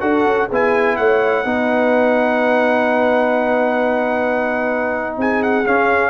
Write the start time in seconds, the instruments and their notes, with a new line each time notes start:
0.00 tuba D4, trombone F#4, horn A4, trumpet F#5
0.26 tuba C#4
0.48 tuba B3, trombone E4, horn G#4, trumpet G#5
0.96 tuba A3, horn C#5, trumpet F#5
1.45 tuba B3, trombone D#4, horn B4
5.17 tuba C4, horn G#4, trumpet G#5
5.43 trumpet F#5
5.66 trombone C#4, tuba C#4, trumpet F5